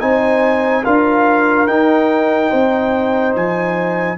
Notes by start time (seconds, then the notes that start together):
0.00 C4 D#4 C5 G#5
0.83 D4 F4 A#4 F5
1.67 D#4 G5
2.50 C4 C5
3.35 F3 G#5